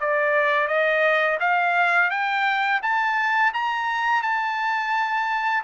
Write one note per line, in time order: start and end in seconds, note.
0.00 0.67 D5
0.67 1.38 D#5
1.40 2.10 F5
2.10 2.81 G5
2.82 3.53 A5
3.54 4.23 A#5
4.23 5.64 A5